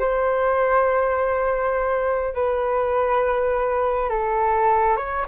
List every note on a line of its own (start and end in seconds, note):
0.00 2.35 C5
2.35 4.10 B4
4.10 4.97 A4
4.97 5.26 C#5